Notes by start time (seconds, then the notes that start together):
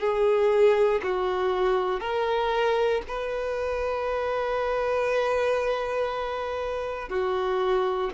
0.00 G#4
1.03 F#4
2.01 A#4
3.08 B4
7.10 F#4